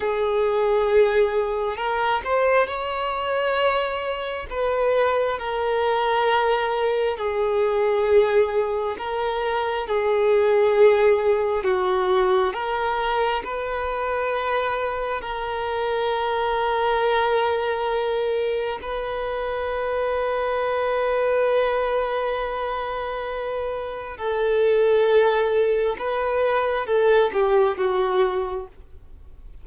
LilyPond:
\new Staff \with { instrumentName = "violin" } { \time 4/4 \tempo 4 = 67 gis'2 ais'8 c''8 cis''4~ | cis''4 b'4 ais'2 | gis'2 ais'4 gis'4~ | gis'4 fis'4 ais'4 b'4~ |
b'4 ais'2.~ | ais'4 b'2.~ | b'2. a'4~ | a'4 b'4 a'8 g'8 fis'4 | }